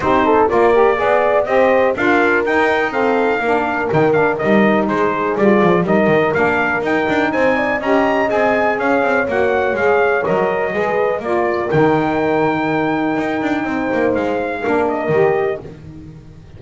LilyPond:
<<
  \new Staff \with { instrumentName = "trumpet" } { \time 4/4 \tempo 4 = 123 c''4 d''2 dis''4 | f''4 g''4 f''2 | g''8 f''8 dis''4 c''4 d''4 | dis''4 f''4 g''4 gis''4 |
ais''4 gis''4 f''4 fis''4 | f''4 dis''2 d''4 | g''1~ | g''4 f''4. dis''4. | }
  \new Staff \with { instrumentName = "horn" } { \time 4/4 g'8 a'8 ais'4 d''4 c''4 | ais'2 a'4 ais'4~ | ais'2 gis'2 | ais'2. c''8 d''8 |
dis''2 cis''2~ | cis''2 b'4 ais'4~ | ais'1 | c''2 ais'2 | }
  \new Staff \with { instrumentName = "saxophone" } { \time 4/4 dis'4 f'8 g'8 gis'4 g'4 | f'4 dis'4 c'4 d'4 | dis'8 d'8 dis'2 f'4 | dis'4 d'4 dis'2 |
g'4 gis'2 fis'4 | gis'4 ais'4 gis'4 f'4 | dis'1~ | dis'2 d'4 g'4 | }
  \new Staff \with { instrumentName = "double bass" } { \time 4/4 c'4 ais4 b4 c'4 | d'4 dis'2 ais4 | dis4 g4 gis4 g8 f8 | g8 dis8 ais4 dis'8 d'8 c'4 |
cis'4 c'4 cis'8 c'8 ais4 | gis4 fis4 gis4 ais4 | dis2. dis'8 d'8 | c'8 ais8 gis4 ais4 dis4 | }
>>